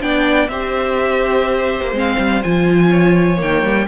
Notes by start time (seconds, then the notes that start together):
0.00 B3 D4 D5 G5
0.48 C4 G4 C5 E5
1.81 A#3
1.92 G#3 C4
1.98 F5
2.18 G3
2.43 F3 F4 G#5
2.90 C#5
3.37 D#3 A#3 G5
3.62 G3